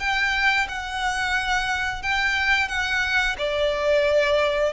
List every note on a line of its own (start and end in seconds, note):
0.00 0.67 G5
0.69 2.03 F#5
2.03 2.69 G5
2.69 3.36 F#5
3.39 4.73 D5